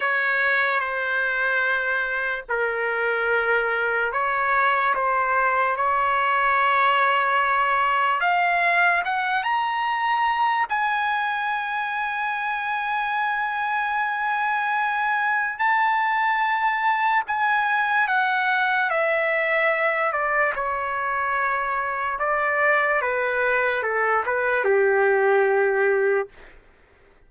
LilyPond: \new Staff \with { instrumentName = "trumpet" } { \time 4/4 \tempo 4 = 73 cis''4 c''2 ais'4~ | ais'4 cis''4 c''4 cis''4~ | cis''2 f''4 fis''8 ais''8~ | ais''4 gis''2.~ |
gis''2. a''4~ | a''4 gis''4 fis''4 e''4~ | e''8 d''8 cis''2 d''4 | b'4 a'8 b'8 g'2 | }